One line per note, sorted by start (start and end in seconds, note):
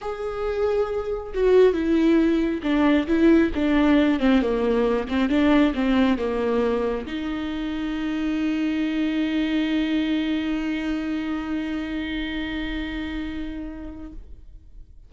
0.01 1.33 G#4
1.34 1.73 F#4
1.73 2.61 E4
2.62 3.06 D4
3.07 3.51 E4
3.54 4.19 D4
4.19 4.41 C4
4.41 5.07 A#3
5.08 5.29 C4
5.29 5.73 D4
5.74 6.17 C4
6.17 7.06 A#3
7.06 14.12 D#4